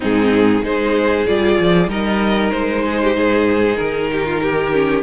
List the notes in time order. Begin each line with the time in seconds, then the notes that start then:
0.00 G#2 C4 D#4 G#4
0.63 G#3 D#4 G#4 C5
1.26 G3 F4 D5
1.59 F3
1.87 G3 D#4 A#4 D#5
2.50 G#3 C5
2.85 G#4
3.02 G4
3.14 G#2 G#4
3.76 D#3 A#4
4.11 G4
4.25 F4
4.41 G4
4.72 C#4